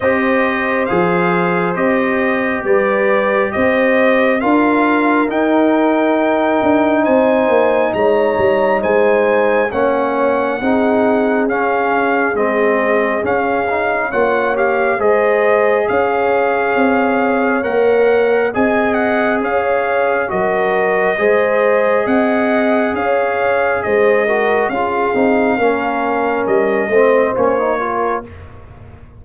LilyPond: <<
  \new Staff \with { instrumentName = "trumpet" } { \time 4/4 \tempo 4 = 68 dis''4 f''4 dis''4 d''4 | dis''4 f''4 g''2 | gis''4 ais''4 gis''4 fis''4~ | fis''4 f''4 dis''4 f''4 |
fis''8 f''8 dis''4 f''2 | fis''4 gis''8 fis''8 f''4 dis''4~ | dis''4 fis''4 f''4 dis''4 | f''2 dis''4 cis''4 | }
  \new Staff \with { instrumentName = "horn" } { \time 4/4 c''2. b'4 | c''4 ais'2. | c''4 cis''4 c''4 cis''4 | gis'1 |
cis''4 c''4 cis''2~ | cis''4 dis''4 cis''4 ais'4 | c''4 dis''4 cis''4 c''8 ais'8 | gis'4 ais'4. c''4 ais'8 | }
  \new Staff \with { instrumentName = "trombone" } { \time 4/4 g'4 gis'4 g'2~ | g'4 f'4 dis'2~ | dis'2. cis'4 | dis'4 cis'4 c'4 cis'8 dis'8 |
f'8 g'8 gis'2. | ais'4 gis'2 fis'4 | gis'2.~ gis'8 fis'8 | f'8 dis'8 cis'4. c'8 cis'16 dis'16 f'8 | }
  \new Staff \with { instrumentName = "tuba" } { \time 4/4 c'4 f4 c'4 g4 | c'4 d'4 dis'4. d'8 | c'8 ais8 gis8 g8 gis4 ais4 | c'4 cis'4 gis4 cis'4 |
ais4 gis4 cis'4 c'4 | ais4 c'4 cis'4 fis4 | gis4 c'4 cis'4 gis4 | cis'8 c'8 ais4 g8 a8 ais4 | }
>>